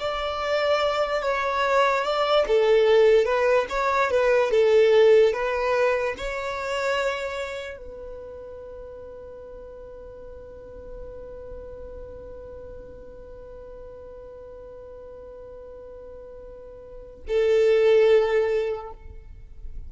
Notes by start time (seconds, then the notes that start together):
0.00 D5
1.23 C#5
2.04 D5
2.47 A4
3.25 B4
3.69 C#5
4.11 B4
4.51 A4
5.33 B4
6.18 C#5
7.77 B4
17.28 A4